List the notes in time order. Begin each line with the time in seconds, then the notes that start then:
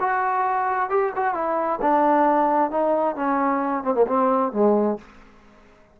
0.00 F#4
0.90 G4
1.16 F#4
1.34 E4
1.81 D4
2.71 D#4
3.15 C#4
3.84 C4
3.95 A#3
4.07 C4
4.52 G#3